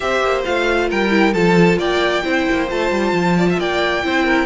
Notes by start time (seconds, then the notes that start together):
0.00 C4 G4 C5 E5
0.22 A#3
0.43 A3 F4 F5
0.89 G3 A#4 G5
1.10 E4
1.33 F3 F4 A4 A5
1.78 A#3 D5 G5
2.23 C4 E4 C5
2.50 A#3
2.68 A3 F4 A5
2.90 G3
3.12 F3
3.37 D5
3.49 E5
3.59 A#3 D5 G5
4.03 C4 E4 C5
4.25 A#4